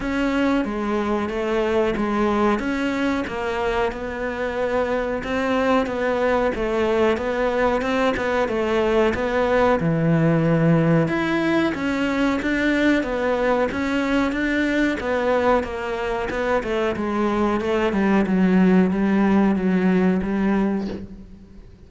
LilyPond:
\new Staff \with { instrumentName = "cello" } { \time 4/4 \tempo 4 = 92 cis'4 gis4 a4 gis4 | cis'4 ais4 b2 | c'4 b4 a4 b4 | c'8 b8 a4 b4 e4~ |
e4 e'4 cis'4 d'4 | b4 cis'4 d'4 b4 | ais4 b8 a8 gis4 a8 g8 | fis4 g4 fis4 g4 | }